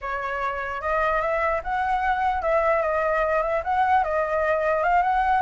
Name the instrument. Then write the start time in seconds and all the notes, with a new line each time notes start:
flute
0.01 C#5
0.81 D#5
1.21 E5
1.63 F#5
2.42 E5
2.82 D#5
3.42 E5
3.64 F#5
4.03 D#5
4.83 F5
5.02 F#5